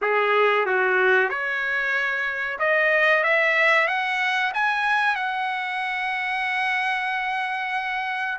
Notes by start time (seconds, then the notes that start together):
0.01 G#4
0.66 F#4
1.29 C#5
2.59 D#5
3.23 E5
3.87 F#5
4.54 G#5
5.15 F#5